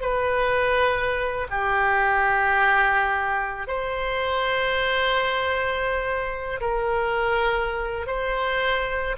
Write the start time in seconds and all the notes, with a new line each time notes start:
0.00 B4
1.50 G4
3.67 C5
6.60 A#4
8.06 C5